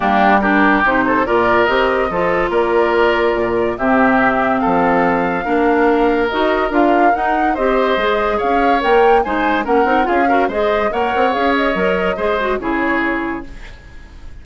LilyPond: <<
  \new Staff \with { instrumentName = "flute" } { \time 4/4 \tempo 4 = 143 g'4 ais'4 c''4 d''4 | dis''2 d''2~ | d''4 e''2 f''4~ | f''2. dis''4 |
f''4 fis''4 dis''2 | f''4 g''4 gis''4 fis''4 | f''4 dis''4 fis''4 f''8 dis''8~ | dis''2 cis''2 | }
  \new Staff \with { instrumentName = "oboe" } { \time 4/4 d'4 g'4. a'8 ais'4~ | ais'4 a'4 ais'2~ | ais'4 g'2 a'4~ | a'4 ais'2.~ |
ais'2 c''2 | cis''2 c''4 ais'4 | gis'8 ais'8 c''4 cis''2~ | cis''4 c''4 gis'2 | }
  \new Staff \with { instrumentName = "clarinet" } { \time 4/4 ais4 d'4 dis'4 f'4 | g'4 f'2.~ | f'4 c'2.~ | c'4 d'2 fis'4 |
f'4 dis'4 g'4 gis'4~ | gis'4 ais'4 dis'4 cis'8 dis'8 | f'8 fis'8 gis'4 ais'4 gis'4 | ais'4 gis'8 fis'8 e'2 | }
  \new Staff \with { instrumentName = "bassoon" } { \time 4/4 g2 c4 ais,4 | c'4 f4 ais2 | ais,4 c2 f4~ | f4 ais2 dis'4 |
d'4 dis'4 c'4 gis4 | cis'4 ais4 gis4 ais8 c'8 | cis'4 gis4 ais8 c'8 cis'4 | fis4 gis4 cis2 | }
>>